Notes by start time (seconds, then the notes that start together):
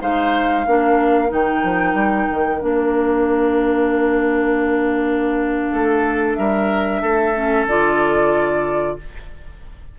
0.00 G#3 D#4 C5 F5
0.66 A#3 D4 A#4
1.29 D#3 D#4 G5
1.63 F3
1.93 G3
2.30 D#3
2.60 A#3 D4 F5
5.71 A3 A4
6.35 G3 A#4 E5
7.01 A3 A4
7.35 C#4
7.66 D3 F4 D5